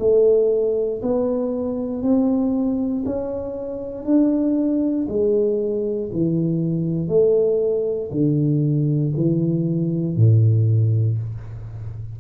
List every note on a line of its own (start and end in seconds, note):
0.00 1.02 A3
1.02 2.03 B3
2.03 3.05 C4
3.06 4.05 C#4
4.05 5.07 D4
5.09 6.11 G#3
6.13 7.08 E3
7.08 8.10 A3
8.11 9.13 D3
9.17 10.17 E3
10.17 11.19 A2